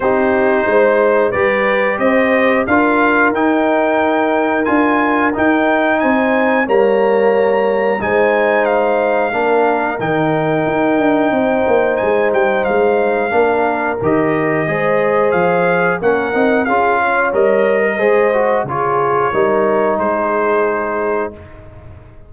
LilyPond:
<<
  \new Staff \with { instrumentName = "trumpet" } { \time 4/4 \tempo 4 = 90 c''2 d''4 dis''4 | f''4 g''2 gis''4 | g''4 gis''4 ais''2 | gis''4 f''2 g''4~ |
g''2 gis''8 g''8 f''4~ | f''4 dis''2 f''4 | fis''4 f''4 dis''2 | cis''2 c''2 | }
  \new Staff \with { instrumentName = "horn" } { \time 4/4 g'4 c''4 b'4 c''4 | ais'1~ | ais'4 c''4 cis''2 | c''2 ais'2~ |
ais'4 c''2. | ais'2 c''2 | ais'4 gis'8 cis''4~ cis''16 ais'16 c''4 | gis'4 ais'4 gis'2 | }
  \new Staff \with { instrumentName = "trombone" } { \time 4/4 dis'2 g'2 | f'4 dis'2 f'4 | dis'2 ais2 | dis'2 d'4 dis'4~ |
dis'1 | d'4 g'4 gis'2 | cis'8 dis'8 f'4 ais'4 gis'8 fis'8 | f'4 dis'2. | }
  \new Staff \with { instrumentName = "tuba" } { \time 4/4 c'4 gis4 g4 c'4 | d'4 dis'2 d'4 | dis'4 c'4 g2 | gis2 ais4 dis4 |
dis'8 d'8 c'8 ais8 gis8 g8 gis4 | ais4 dis4 gis4 f4 | ais8 c'8 cis'4 g4 gis4 | cis4 g4 gis2 | }
>>